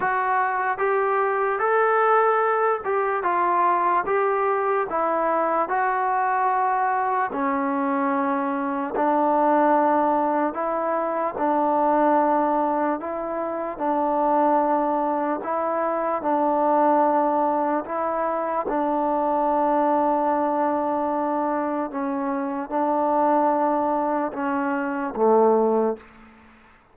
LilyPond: \new Staff \with { instrumentName = "trombone" } { \time 4/4 \tempo 4 = 74 fis'4 g'4 a'4. g'8 | f'4 g'4 e'4 fis'4~ | fis'4 cis'2 d'4~ | d'4 e'4 d'2 |
e'4 d'2 e'4 | d'2 e'4 d'4~ | d'2. cis'4 | d'2 cis'4 a4 | }